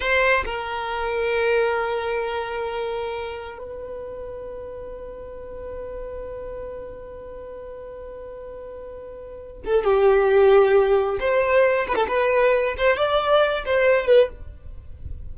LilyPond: \new Staff \with { instrumentName = "violin" } { \time 4/4 \tempo 4 = 134 c''4 ais'2.~ | ais'1 | b'1~ | b'1~ |
b'1~ | b'4. a'8 g'2~ | g'4 c''4. b'16 a'16 b'4~ | b'8 c''8 d''4. c''4 b'8 | }